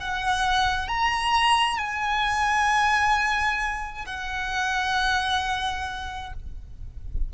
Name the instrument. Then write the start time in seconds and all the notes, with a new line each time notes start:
violin
0.00 F#5
0.88 A#5
1.78 G#5
4.06 F#5